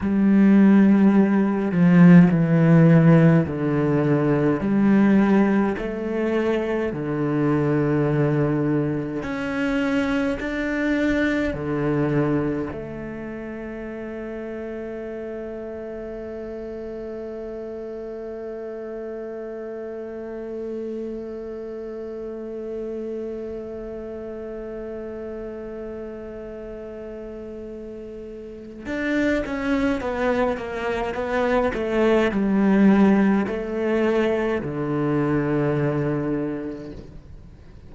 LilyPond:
\new Staff \with { instrumentName = "cello" } { \time 4/4 \tempo 4 = 52 g4. f8 e4 d4 | g4 a4 d2 | cis'4 d'4 d4 a4~ | a1~ |
a1~ | a1~ | a4 d'8 cis'8 b8 ais8 b8 a8 | g4 a4 d2 | }